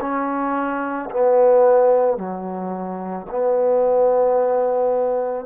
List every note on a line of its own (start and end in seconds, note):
0.00 1.09 C#4
1.10 2.17 B3
2.17 3.26 F#3
3.30 5.45 B3